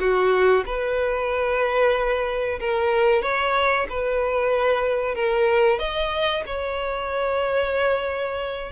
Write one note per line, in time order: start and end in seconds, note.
0.00 0.65 F#4
0.66 2.60 B4
2.60 3.23 A#4
3.23 3.87 C#5
3.90 5.16 B4
5.16 5.79 A#4
5.79 6.44 D#5
6.47 8.72 C#5